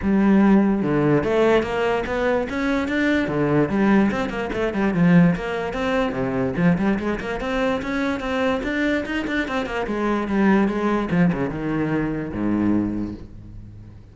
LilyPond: \new Staff \with { instrumentName = "cello" } { \time 4/4 \tempo 4 = 146 g2 d4 a4 | ais4 b4 cis'4 d'4 | d4 g4 c'8 ais8 a8 g8 | f4 ais4 c'4 c4 |
f8 g8 gis8 ais8 c'4 cis'4 | c'4 d'4 dis'8 d'8 c'8 ais8 | gis4 g4 gis4 f8 cis8 | dis2 gis,2 | }